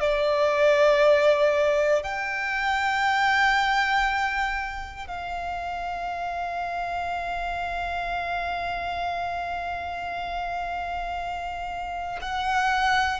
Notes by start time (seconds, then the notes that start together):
0.00 D5
2.02 G5
5.07 F5
12.21 F#5